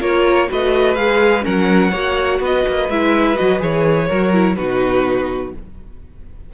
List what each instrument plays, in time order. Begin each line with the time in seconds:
0.00 cello A#3, viola F4, violin A#4 C#5
0.48 cello A3, viola F#4, violin B4 D#5
0.95 cello G#3, viola G#4, violin F5
1.42 cello F#3, viola C#4, violin A#4 F#5
1.91 cello A#3, viola F#4, violin C#5
2.39 cello B3, violin B4 D#5
2.68 cello A#3
2.89 cello G#3, viola E4, violin E5
3.36 cello F#3, viola F#4, violin D#5
3.59 cello E3, viola G#4, violin C#5
4.08 cello F#3, viola F#4, violin A#4
4.33 viola E4
4.56 cello B2, viola D#4, violin F#4 B4